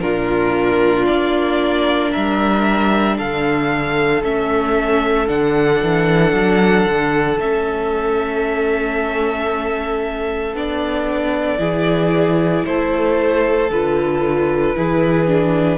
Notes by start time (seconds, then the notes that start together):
0.00 A#2 D4 F4 A#4
1.06 A#3 D5
2.11 G3 A#4 E5
3.18 D3 A4 F5
4.23 A3 C#4 E5
5.27 D3 D4 F#5
5.82 E3
6.33 F#3
6.86 D3
7.38 A3 C#4 E5
10.53 B3 D4 D5
11.58 E3 E4 G#4
12.65 A3 A4 C5
13.70 D3 F4 B4
14.76 E3 E4 G#4
15.27 D4